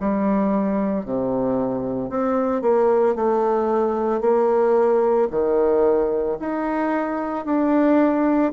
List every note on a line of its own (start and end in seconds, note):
0.00 1.05 G3
1.05 2.09 C3
2.09 2.62 C4
2.62 3.15 A#3
3.15 4.21 A3
4.21 5.28 A#3
5.31 6.38 D#3
6.39 7.45 D#4
7.45 8.52 D4